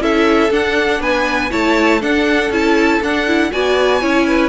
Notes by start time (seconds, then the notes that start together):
0.00 C#4 E4 A4 E5
0.51 D4 F#5
1.00 B3 B4 G#5
1.51 A3 E4 C#5 A5
2.00 D4 A4 F#5
2.50 C#4 E4 A5
3.01 D4 F#5
3.27 E4
3.51 B3 F#4 D5 G#5
4.01 C#4 E4 C#5
4.27 B4